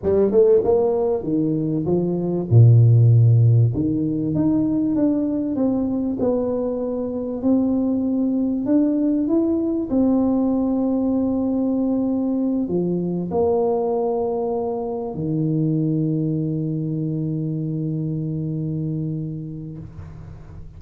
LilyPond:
\new Staff \with { instrumentName = "tuba" } { \time 4/4 \tempo 4 = 97 g8 a8 ais4 dis4 f4 | ais,2 dis4 dis'4 | d'4 c'4 b2 | c'2 d'4 e'4 |
c'1~ | c'8 f4 ais2~ ais8~ | ais8 dis2.~ dis8~ | dis1 | }